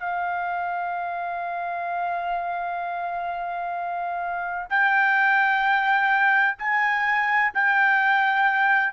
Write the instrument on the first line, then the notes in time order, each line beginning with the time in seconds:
trumpet
0.00 F5
4.70 G5
6.59 G#5
7.54 G5